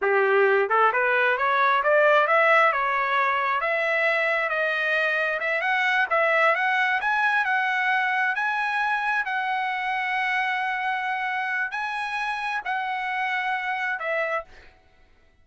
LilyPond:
\new Staff \with { instrumentName = "trumpet" } { \time 4/4 \tempo 4 = 133 g'4. a'8 b'4 cis''4 | d''4 e''4 cis''2 | e''2 dis''2 | e''8 fis''4 e''4 fis''4 gis''8~ |
gis''8 fis''2 gis''4.~ | gis''8 fis''2.~ fis''8~ | fis''2 gis''2 | fis''2. e''4 | }